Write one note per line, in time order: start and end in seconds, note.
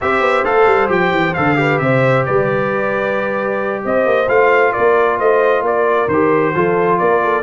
0.00 0.20 C4
0.00 0.44 G4
0.00 1.59 C5
0.00 0.44 E5
0.20 0.43 B3
0.44 0.66 A3
0.44 0.87 A4
0.44 0.89 F5
0.66 0.88 G3
0.87 1.11 F3
0.87 1.32 G4
0.87 1.34 G5
1.11 1.34 E3
1.34 1.79 D3
1.34 1.55 A4
1.34 1.78 F5
1.55 4.26 G4
1.55 1.82 B4
1.78 2.25 C3
1.78 2.26 C5
1.78 2.23 E5
2.25 3.84 G3
2.25 3.84 B4
2.25 3.83 D5
3.84 4.05 C4
3.84 4.73 C5
3.84 4.28 D#5
4.05 4.28 A#3
4.28 4.73 A3
4.28 6.08 F4
4.28 4.72 F5
4.72 5.19 A#3
4.72 5.18 A#4
4.72 5.18 D5
5.18 5.61 A3
5.18 5.63 C5
5.18 5.64 D#5
5.61 6.06 A#3
5.61 6.55 A#4
5.61 6.08 D5
6.07 6.52 D#3
6.07 6.55 G4
6.07 6.98 C5
6.55 7.00 F3
6.55 7.43 F4
6.55 6.99 A4
6.98 7.43 A#3
6.98 7.21 A#4
6.98 7.43 D5
7.23 7.43 A4